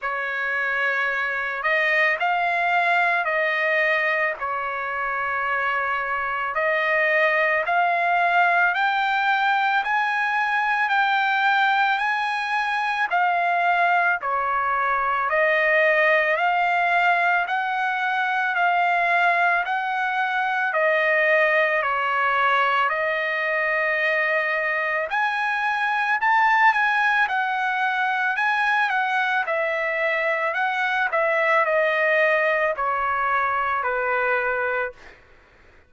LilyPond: \new Staff \with { instrumentName = "trumpet" } { \time 4/4 \tempo 4 = 55 cis''4. dis''8 f''4 dis''4 | cis''2 dis''4 f''4 | g''4 gis''4 g''4 gis''4 | f''4 cis''4 dis''4 f''4 |
fis''4 f''4 fis''4 dis''4 | cis''4 dis''2 gis''4 | a''8 gis''8 fis''4 gis''8 fis''8 e''4 | fis''8 e''8 dis''4 cis''4 b'4 | }